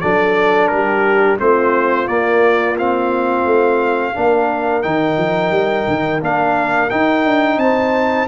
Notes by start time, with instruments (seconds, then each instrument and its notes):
0.00 tuba F#3, trombone D4, horn A4, trumpet D5
0.67 tuba G3, horn G4, trumpet A#4
1.39 tuba A3, trombone C4, horn F4, trumpet C5
2.07 trombone A#3, tuba A#3, trumpet D5
2.77 trombone C4, trumpet F5
3.45 tuba A3
4.14 tuba A#3, trombone D4, horn A#4
4.82 tuba D#3, trombone D#4, trumpet G5
5.17 tuba F3
5.51 tuba G3
5.87 tuba D#3
6.20 tuba A#3, trombone D4, trumpet F5
6.90 trombone D#4, tuba D#4, trumpet G5
7.25 tuba D4
7.57 tuba C4, horn C5, trumpet A5